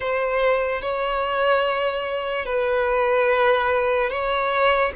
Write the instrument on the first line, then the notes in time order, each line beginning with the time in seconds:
violin
0.00 C5
0.81 C#5
2.45 B4
4.09 C#5